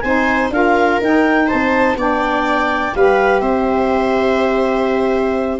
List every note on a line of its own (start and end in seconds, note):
0.00 0.49 C4
0.00 0.53 D#4
0.00 0.53 C5
0.00 0.48 G#5
0.49 0.98 D4
0.49 1.01 F4
0.49 1.47 A#4
0.49 1.01 F5
1.01 1.49 D#4
1.01 1.97 D#4
1.01 1.48 G5
1.47 1.95 C5
1.47 1.97 A5
1.53 1.95 C4
1.95 2.92 B3
1.95 2.94 D4
1.95 2.95 D5
1.95 2.95 G5
2.94 3.41 G3
2.94 5.59 G4
2.94 3.42 B4
2.94 3.40 F5
3.40 5.58 C4
3.40 5.59 C5
3.40 5.58 E5